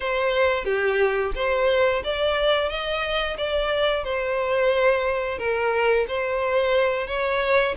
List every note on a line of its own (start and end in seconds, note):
0.00 0.64 C5
0.64 1.32 G4
1.35 2.02 C5
2.03 2.69 D5
2.69 3.36 D#5
3.37 4.04 D5
4.04 5.38 C5
5.38 6.06 A#4
6.07 7.07 C5
7.07 7.74 C#5